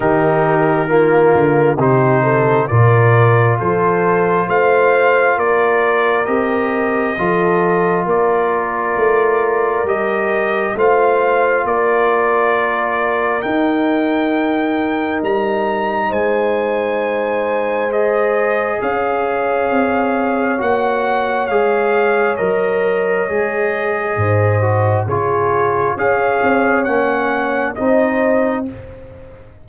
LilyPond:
<<
  \new Staff \with { instrumentName = "trumpet" } { \time 4/4 \tempo 4 = 67 ais'2 c''4 d''4 | c''4 f''4 d''4 dis''4~ | dis''4 d''2 dis''4 | f''4 d''2 g''4~ |
g''4 ais''4 gis''2 | dis''4 f''2 fis''4 | f''4 dis''2. | cis''4 f''4 fis''4 dis''4 | }
  \new Staff \with { instrumentName = "horn" } { \time 4/4 g'4 f'4 g'8 a'8 ais'4 | a'4 c''4 ais'2 | a'4 ais'2. | c''4 ais'2.~ |
ais'2 c''2~ | c''4 cis''2.~ | cis''2. c''4 | gis'4 cis''2 c''4 | }
  \new Staff \with { instrumentName = "trombone" } { \time 4/4 dis'4 ais4 dis'4 f'4~ | f'2. g'4 | f'2. g'4 | f'2. dis'4~ |
dis'1 | gis'2. fis'4 | gis'4 ais'4 gis'4. fis'8 | f'4 gis'4 cis'4 dis'4 | }
  \new Staff \with { instrumentName = "tuba" } { \time 4/4 dis4. d8 c4 ais,4 | f4 a4 ais4 c'4 | f4 ais4 a4 g4 | a4 ais2 dis'4~ |
dis'4 g4 gis2~ | gis4 cis'4 c'4 ais4 | gis4 fis4 gis4 gis,4 | cis4 cis'8 c'8 ais4 c'4 | }
>>